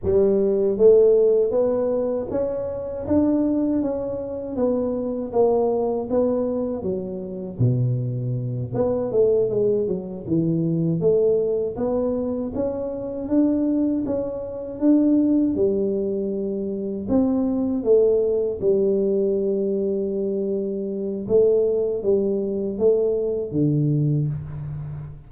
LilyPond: \new Staff \with { instrumentName = "tuba" } { \time 4/4 \tempo 4 = 79 g4 a4 b4 cis'4 | d'4 cis'4 b4 ais4 | b4 fis4 b,4. b8 | a8 gis8 fis8 e4 a4 b8~ |
b8 cis'4 d'4 cis'4 d'8~ | d'8 g2 c'4 a8~ | a8 g2.~ g8 | a4 g4 a4 d4 | }